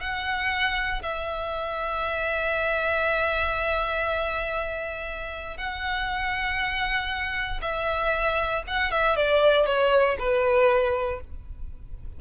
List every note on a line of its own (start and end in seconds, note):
0.00 1.02 F#5
1.02 5.57 E5
5.57 7.60 F#5
7.62 8.63 E5
8.67 8.91 F#5
8.91 9.16 E5
9.16 9.66 D5
9.66 10.17 C#5
10.19 11.20 B4